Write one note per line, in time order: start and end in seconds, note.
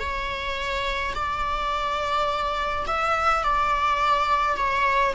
0.00 1.14 C#5
1.15 2.86 D5
2.87 3.44 E5
3.44 4.57 D5
4.57 5.14 C#5